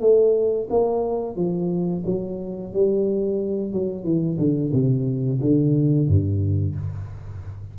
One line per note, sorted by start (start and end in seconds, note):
0.00 0.67 A3
0.70 1.36 A#3
1.36 2.03 F3
2.05 2.73 F#3
2.73 3.72 G3
3.72 4.04 F#3
4.04 4.37 E3
4.38 4.72 D3
4.73 5.40 C3
5.41 6.08 D3
6.08 6.75 G2